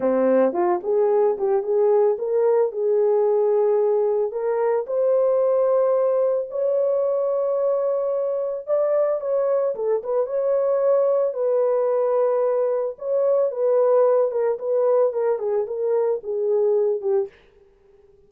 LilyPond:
\new Staff \with { instrumentName = "horn" } { \time 4/4 \tempo 4 = 111 c'4 f'8 gis'4 g'8 gis'4 | ais'4 gis'2. | ais'4 c''2. | cis''1 |
d''4 cis''4 a'8 b'8 cis''4~ | cis''4 b'2. | cis''4 b'4. ais'8 b'4 | ais'8 gis'8 ais'4 gis'4. g'8 | }